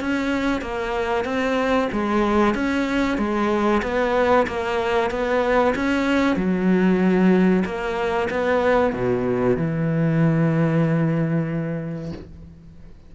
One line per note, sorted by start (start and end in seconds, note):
0.00 0.62 C#4
0.62 1.25 A#3
1.25 1.89 C4
1.92 2.55 G#3
2.55 3.18 C#4
3.18 3.82 G#3
3.83 4.47 B3
4.47 5.10 A#3
5.10 5.74 B3
5.75 6.36 C#4
6.36 7.64 F#3
7.65 8.29 A#3
8.30 8.93 B3
8.93 9.57 B2
9.57 12.12 E3